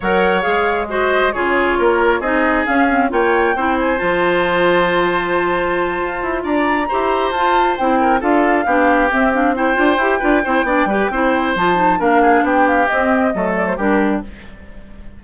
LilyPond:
<<
  \new Staff \with { instrumentName = "flute" } { \time 4/4 \tempo 4 = 135 fis''4 f''4 dis''4 cis''4~ | cis''4 dis''4 f''4 g''4~ | g''8 gis''8 a''2.~ | a''2~ a''8 ais''4.~ |
ais''8 a''4 g''4 f''4.~ | f''8 e''8 f''8 g''2~ g''8~ | g''2 a''4 f''4 | g''8 f''8 dis''4. d''16 c''16 ais'4 | }
  \new Staff \with { instrumentName = "oboe" } { \time 4/4 cis''2 c''4 gis'4 | ais'4 gis'2 cis''4 | c''1~ | c''2~ c''8 d''4 c''8~ |
c''2 ais'8 a'4 g'8~ | g'4. c''4. b'8 c''8 | d''8 b'8 c''2 ais'8 gis'8 | g'2 a'4 g'4 | }
  \new Staff \with { instrumentName = "clarinet" } { \time 4/4 ais'4 gis'4 fis'4 f'4~ | f'4 dis'4 cis'8 c'8 f'4 | e'4 f'2.~ | f'2.~ f'8 g'8~ |
g'8 f'4 e'4 f'4 d'8~ | d'8 c'8 d'8 e'8 f'8 g'8 f'8 e'8 | d'8 g'8 e'4 f'8 dis'8 d'4~ | d'4 c'4 a4 d'4 | }
  \new Staff \with { instrumentName = "bassoon" } { \time 4/4 fis4 gis2 cis4 | ais4 c'4 cis'4 ais4 | c'4 f2.~ | f4. f'8 e'8 d'4 e'8~ |
e'8 f'4 c'4 d'4 b8~ | b8 c'4. d'8 e'8 d'8 c'8 | b8 g8 c'4 f4 ais4 | b4 c'4 fis4 g4 | }
>>